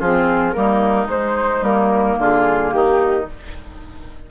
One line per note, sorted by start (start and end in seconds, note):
0.00 0.56 F3
0.00 0.54 C4
0.00 0.55 F4
0.00 0.53 G#4
0.53 1.06 G3
0.53 1.07 A#3
0.53 2.20 D#4
0.53 1.07 A#4
1.06 1.61 G#3
1.06 1.62 G#3
1.06 1.64 C5
1.62 2.16 G3
1.62 3.26 A#3
1.62 2.19 A#4
2.19 2.73 D3
2.19 2.74 F4
2.19 2.72 G#4
2.72 3.27 D#3
2.72 3.31 D#4
2.72 3.26 G4